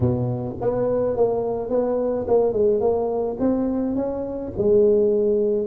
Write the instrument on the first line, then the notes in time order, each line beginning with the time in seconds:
tuba
0.00 B2
0.60 B3
1.16 A#3
1.69 B3
2.27 A#3
2.52 G#3
2.80 A#3
3.39 C4
3.95 C#4
4.57 G#3